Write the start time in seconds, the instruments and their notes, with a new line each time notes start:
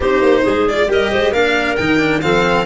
0.00 tuba C4, cello D#4, clarinet G4, violin C5
0.21 tuba A#3
0.43 tuba G#3, clarinet G#4
0.68 cello F4, violin D5
0.87 tuba G3, cello G4, clarinet A#4, violin D#5
1.11 tuba G#3, clarinet C5
1.32 tuba A#3, cello D4, clarinet A#4, violin F5
1.76 tuba D#3, cello D#4, violin G5
1.99 cello D4
2.21 tuba F3, cello C4, clarinet A4, violin F5